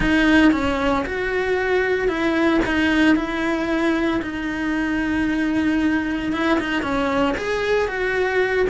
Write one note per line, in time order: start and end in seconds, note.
0.00 0.52 D#4
0.52 1.04 C#4
1.05 2.08 F#4
2.08 2.60 E4
2.65 3.15 D#4
3.15 4.20 E4
4.22 6.32 D#4
6.32 6.58 E4
6.59 6.82 D#4
6.82 7.35 C#4
7.37 7.88 G#4
7.88 8.67 F#4